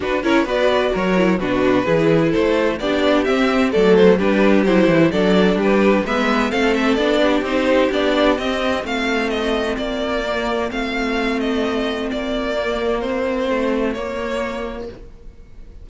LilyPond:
<<
  \new Staff \with { instrumentName = "violin" } { \time 4/4 \tempo 4 = 129 b'8 cis''8 d''4 cis''4 b'4~ | b'4 c''4 d''4 e''4 | d''8 c''8 b'4 c''4 d''4 | b'4 e''4 f''8 e''8 d''4 |
c''4 d''4 dis''4 f''4 | dis''4 d''2 f''4~ | f''8 dis''4. d''2 | c''2 cis''2 | }
  \new Staff \with { instrumentName = "violin" } { \time 4/4 fis'8 ais'8 b'4 ais'4 fis'4 | gis'4 a'4 g'2 | a'4 g'2 a'4 | g'4 b'4 a'4. g'8~ |
g'2. f'4~ | f'1~ | f'1~ | f'1 | }
  \new Staff \with { instrumentName = "viola" } { \time 4/4 d'8 e'8 fis'4. e'8 d'4 | e'2 d'4 c'4 | a4 d'4 e'4 d'4~ | d'4 b4 c'4 d'4 |
dis'4 d'4 c'2~ | c'2 ais4 c'4~ | c'2. ais4 | c'2 ais2 | }
  \new Staff \with { instrumentName = "cello" } { \time 4/4 d'8 cis'8 b4 fis4 b,4 | e4 a4 b4 c'4 | fis4 g4 fis8 e8 fis4 | g4 gis4 a4 b4 |
c'4 b4 c'4 a4~ | a4 ais2 a4~ | a2 ais2~ | ais4 a4 ais2 | }
>>